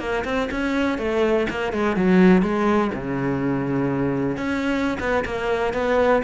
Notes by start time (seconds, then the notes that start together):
0.00 A#3
0.25 C4
0.52 C#4
0.99 A3
1.50 A#3
1.73 G#3
1.97 F#3
2.43 G#3
2.95 C#3
4.37 C#4
5.00 B3
5.26 A#3
5.74 B3